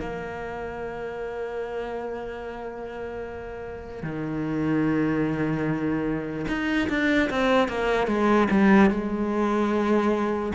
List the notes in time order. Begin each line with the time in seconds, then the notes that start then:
0.00 A#3
4.03 D#3
6.48 D#4
6.89 D4
7.30 C4
7.68 A#3
8.07 G#3
8.51 G3
8.90 G#3